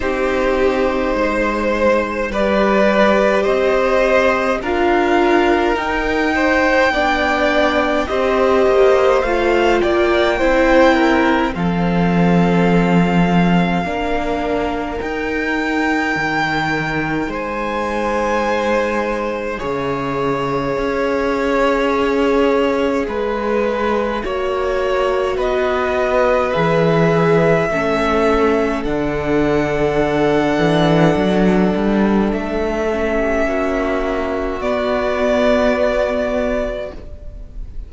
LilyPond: <<
  \new Staff \with { instrumentName = "violin" } { \time 4/4 \tempo 4 = 52 c''2 d''4 dis''4 | f''4 g''2 dis''4 | f''8 g''4. f''2~ | f''4 g''2 gis''4~ |
gis''4 e''2.~ | e''2 dis''4 e''4~ | e''4 fis''2. | e''2 d''2 | }
  \new Staff \with { instrumentName = "violin" } { \time 4/4 g'4 c''4 b'4 c''4 | ais'4. c''8 d''4 c''4~ | c''8 d''8 c''8 ais'8 a'2 | ais'2. c''4~ |
c''4 cis''2. | b'4 cis''4 b'2 | a'1~ | a'8. g'16 fis'2. | }
  \new Staff \with { instrumentName = "viola" } { \time 4/4 dis'2 g'2 | f'4 dis'4 d'4 g'4 | f'4 e'4 c'2 | d'4 dis'2.~ |
dis'4 gis'2.~ | gis'4 fis'2 gis'4 | cis'4 d'2.~ | d'8 cis'4. b2 | }
  \new Staff \with { instrumentName = "cello" } { \time 4/4 c'4 gis4 g4 c'4 | d'4 dis'4 b4 c'8 ais8 | a8 ais8 c'4 f2 | ais4 dis'4 dis4 gis4~ |
gis4 cis4 cis'2 | gis4 ais4 b4 e4 | a4 d4. e8 fis8 g8 | a4 ais4 b2 | }
>>